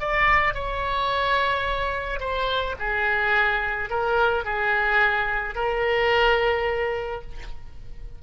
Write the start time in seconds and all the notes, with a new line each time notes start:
0.00 D5
0.54 C#5
2.20 C5
2.79 G#4
3.90 A#4
4.45 G#4
5.55 A#4